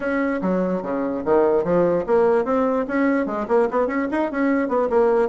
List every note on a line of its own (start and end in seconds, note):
0.00 0.41 C#4
0.41 0.82 F#3
0.82 1.23 C#3
1.24 1.64 D#3
1.64 2.05 F3
2.06 2.44 A#3
2.44 2.85 C4
2.87 3.26 C#4
3.26 3.46 G#3
3.48 3.68 A#3
3.71 3.87 B3
3.87 4.07 C#4
4.11 4.31 D#4
4.31 4.68 C#4
4.68 4.88 B3
4.89 5.29 A#3